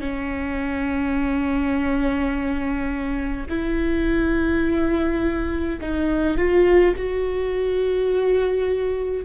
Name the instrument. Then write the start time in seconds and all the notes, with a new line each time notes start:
viola
0.00 C#4
3.49 E4
5.81 D#4
6.37 F4
6.96 F#4